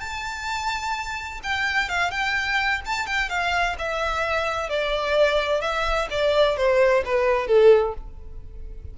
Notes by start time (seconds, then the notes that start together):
0.00 A5
1.43 G5
1.89 F5
2.11 G5
2.86 A5
3.06 G5
3.29 F5
3.78 E5
4.69 D5
5.61 E5
6.10 D5
6.57 C5
7.05 B4
7.47 A4